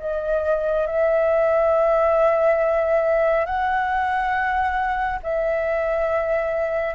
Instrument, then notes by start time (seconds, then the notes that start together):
flute
0.00 D#5
0.87 E5
3.46 F#5
5.23 E5